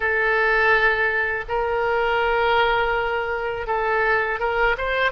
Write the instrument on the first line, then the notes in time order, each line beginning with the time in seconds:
oboe
0.00 A4
1.48 A#4
3.66 A4
4.39 A#4
4.77 C5